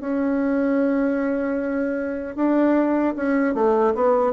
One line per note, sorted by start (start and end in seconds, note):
0.00 2.35 C#4
2.35 3.14 D4
3.16 3.54 C#4
3.54 3.94 A3
3.95 4.32 B3